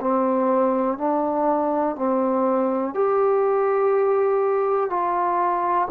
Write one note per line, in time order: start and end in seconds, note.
0.00 0.97 C4
0.97 1.95 D4
1.95 2.94 C4
2.94 4.90 G4
4.90 5.88 F4